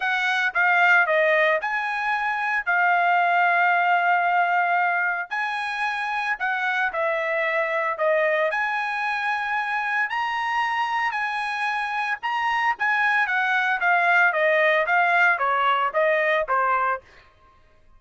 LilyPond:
\new Staff \with { instrumentName = "trumpet" } { \time 4/4 \tempo 4 = 113 fis''4 f''4 dis''4 gis''4~ | gis''4 f''2.~ | f''2 gis''2 | fis''4 e''2 dis''4 |
gis''2. ais''4~ | ais''4 gis''2 ais''4 | gis''4 fis''4 f''4 dis''4 | f''4 cis''4 dis''4 c''4 | }